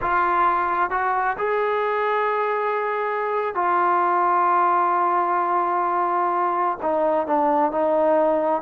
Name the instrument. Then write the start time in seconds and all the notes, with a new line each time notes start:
trombone
0.01 F4
0.90 F#4
1.37 G#4
3.54 F4
6.81 D#4
7.27 D4
7.71 D#4